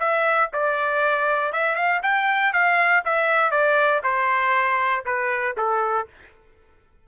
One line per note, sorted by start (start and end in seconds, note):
0.00 0.50 E5
0.53 1.53 D5
1.53 1.75 E5
1.75 2.01 F5
2.03 2.53 G5
2.53 3.04 F5
3.05 3.51 E5
3.51 4.02 D5
4.04 5.05 C5
5.06 5.56 B4
5.57 6.08 A4